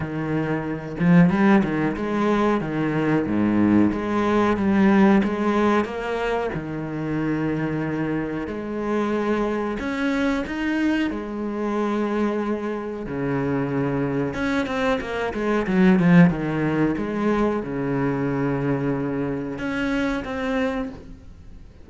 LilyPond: \new Staff \with { instrumentName = "cello" } { \time 4/4 \tempo 4 = 92 dis4. f8 g8 dis8 gis4 | dis4 gis,4 gis4 g4 | gis4 ais4 dis2~ | dis4 gis2 cis'4 |
dis'4 gis2. | cis2 cis'8 c'8 ais8 gis8 | fis8 f8 dis4 gis4 cis4~ | cis2 cis'4 c'4 | }